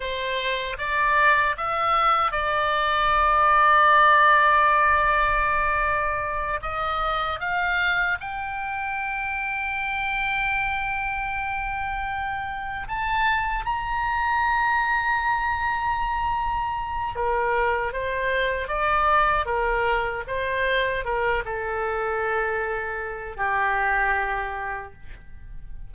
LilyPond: \new Staff \with { instrumentName = "oboe" } { \time 4/4 \tempo 4 = 77 c''4 d''4 e''4 d''4~ | d''1~ | d''8 dis''4 f''4 g''4.~ | g''1~ |
g''8 a''4 ais''2~ ais''8~ | ais''2 ais'4 c''4 | d''4 ais'4 c''4 ais'8 a'8~ | a'2 g'2 | }